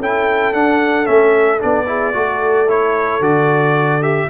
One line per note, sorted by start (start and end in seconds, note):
0.00 0.54 C#4
0.00 0.54 E4
0.00 1.87 A4
0.00 0.54 G5
0.54 1.07 D4
0.54 1.05 D4
0.54 1.06 F#5
1.05 1.62 A3
1.05 1.59 C#4
1.05 1.60 E5
1.59 2.15 B3
1.59 1.86 D4
1.59 2.70 D5
1.87 2.14 E4
1.87 2.15 G#4
2.14 3.21 A3
2.14 2.67 F#4
2.14 4.30 A4
2.69 3.22 E4
2.69 3.23 C#5
3.21 4.28 D3
3.21 4.02 F#4
3.21 4.03 D5
4.02 4.29 G4
4.02 4.30 E5